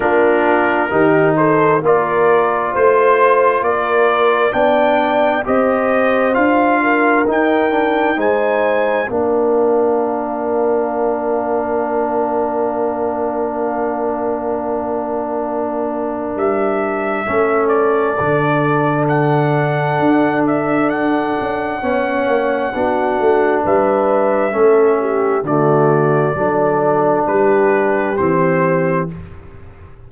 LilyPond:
<<
  \new Staff \with { instrumentName = "trumpet" } { \time 4/4 \tempo 4 = 66 ais'4. c''8 d''4 c''4 | d''4 g''4 dis''4 f''4 | g''4 gis''4 f''2~ | f''1~ |
f''2 e''4. d''8~ | d''4 fis''4. e''8 fis''4~ | fis''2 e''2 | d''2 b'4 c''4 | }
  \new Staff \with { instrumentName = "horn" } { \time 4/4 f'4 g'8 a'8 ais'4 c''4 | ais'4 d''4 c''4. ais'8~ | ais'4 c''4 ais'2~ | ais'1~ |
ais'2. a'4~ | a'1 | cis''4 fis'4 b'4 a'8 g'8 | fis'4 a'4 g'2 | }
  \new Staff \with { instrumentName = "trombone" } { \time 4/4 d'4 dis'4 f'2~ | f'4 d'4 g'4 f'4 | dis'8 d'8 dis'4 d'2~ | d'1~ |
d'2. cis'4 | d'1 | cis'4 d'2 cis'4 | a4 d'2 c'4 | }
  \new Staff \with { instrumentName = "tuba" } { \time 4/4 ais4 dis4 ais4 a4 | ais4 b4 c'4 d'4 | dis'4 gis4 ais2~ | ais1~ |
ais2 g4 a4 | d2 d'4. cis'8 | b8 ais8 b8 a8 g4 a4 | d4 fis4 g4 e4 | }
>>